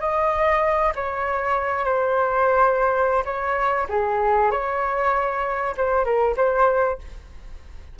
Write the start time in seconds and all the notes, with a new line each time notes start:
0.00 D#5
0.95 C#5
1.84 C5
3.25 C#5
3.89 G#4
4.51 C#5
5.77 C5
6.04 A#4
6.36 C5